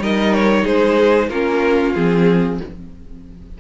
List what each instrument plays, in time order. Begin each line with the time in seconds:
0.00 cello G3, viola D#4, violin A#4 D#5
0.34 violin C#5
0.64 cello G#3, violin G#4 C5
1.29 cello A#3, viola C#4, violin F4 A#4
1.95 cello F3, viola C4, violin G#4